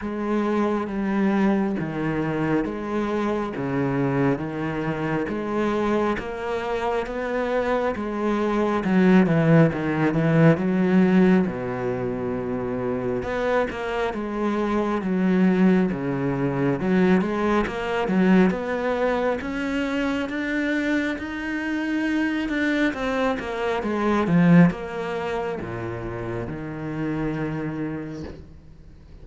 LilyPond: \new Staff \with { instrumentName = "cello" } { \time 4/4 \tempo 4 = 68 gis4 g4 dis4 gis4 | cis4 dis4 gis4 ais4 | b4 gis4 fis8 e8 dis8 e8 | fis4 b,2 b8 ais8 |
gis4 fis4 cis4 fis8 gis8 | ais8 fis8 b4 cis'4 d'4 | dis'4. d'8 c'8 ais8 gis8 f8 | ais4 ais,4 dis2 | }